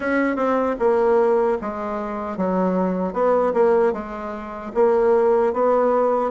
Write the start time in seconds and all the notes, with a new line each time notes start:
0.00 C#4
0.36 C4
0.79 A#3
1.61 G#3
2.37 F#3
3.13 B3
3.53 A#3
3.93 G#3
4.74 A#3
5.53 B3